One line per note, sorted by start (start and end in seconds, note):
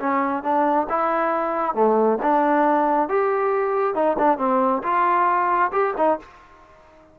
0.00 0.44 C#4
0.44 0.88 D4
0.90 1.75 E4
1.75 2.19 A3
2.23 3.09 D4
3.09 3.95 G4
3.95 4.17 D#4
4.19 4.39 D4
4.39 4.83 C4
4.83 5.72 F4
5.73 5.95 G4
5.98 6.20 D#4